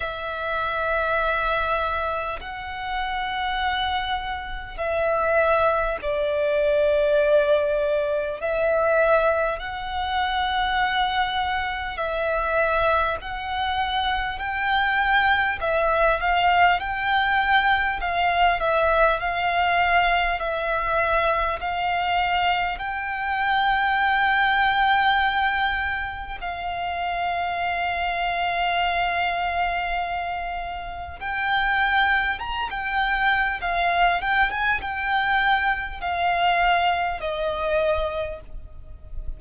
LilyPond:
\new Staff \with { instrumentName = "violin" } { \time 4/4 \tempo 4 = 50 e''2 fis''2 | e''4 d''2 e''4 | fis''2 e''4 fis''4 | g''4 e''8 f''8 g''4 f''8 e''8 |
f''4 e''4 f''4 g''4~ | g''2 f''2~ | f''2 g''4 ais''16 g''8. | f''8 g''16 gis''16 g''4 f''4 dis''4 | }